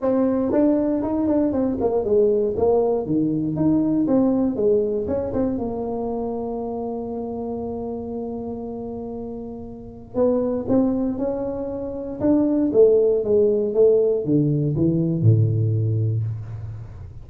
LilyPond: \new Staff \with { instrumentName = "tuba" } { \time 4/4 \tempo 4 = 118 c'4 d'4 dis'8 d'8 c'8 ais8 | gis4 ais4 dis4 dis'4 | c'4 gis4 cis'8 c'8 ais4~ | ais1~ |
ais1 | b4 c'4 cis'2 | d'4 a4 gis4 a4 | d4 e4 a,2 | }